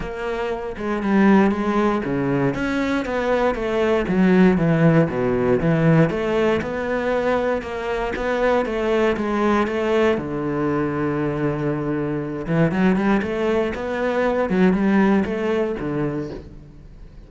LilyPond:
\new Staff \with { instrumentName = "cello" } { \time 4/4 \tempo 4 = 118 ais4. gis8 g4 gis4 | cis4 cis'4 b4 a4 | fis4 e4 b,4 e4 | a4 b2 ais4 |
b4 a4 gis4 a4 | d1~ | d8 e8 fis8 g8 a4 b4~ | b8 fis8 g4 a4 d4 | }